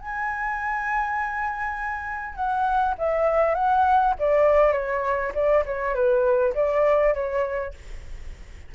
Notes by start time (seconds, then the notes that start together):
0.00 G#5
2.35 F#5
2.98 E5
3.54 F#5
4.19 D5
4.72 C#5
5.34 D5
5.65 C#5
5.94 B4
6.54 D5
7.14 C#5